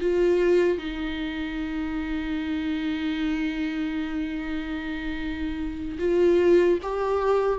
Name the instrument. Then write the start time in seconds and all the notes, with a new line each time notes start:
viola
0.00 F4
0.78 D#4
5.99 F4
6.82 G4